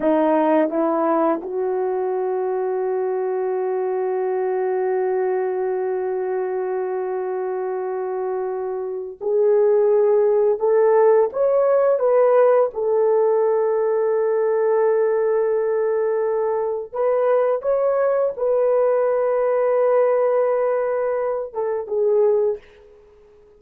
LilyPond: \new Staff \with { instrumentName = "horn" } { \time 4/4 \tempo 4 = 85 dis'4 e'4 fis'2~ | fis'1~ | fis'1~ | fis'4 gis'2 a'4 |
cis''4 b'4 a'2~ | a'1 | b'4 cis''4 b'2~ | b'2~ b'8 a'8 gis'4 | }